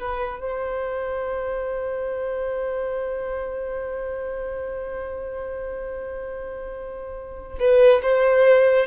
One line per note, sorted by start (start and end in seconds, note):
0.00 0.41 B4
0.41 7.59 C5
7.60 8.02 B4
8.03 8.87 C5